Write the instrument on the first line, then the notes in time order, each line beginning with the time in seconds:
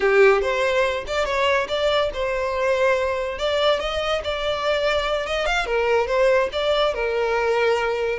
violin
0.00 G4
0.41 C5
1.07 D5
1.25 C#5
1.68 D5
2.13 C5
3.38 D5
3.79 D#5
4.24 D5
5.26 D#5
5.45 F5
5.65 A#4
6.07 C5
6.52 D5
6.93 A#4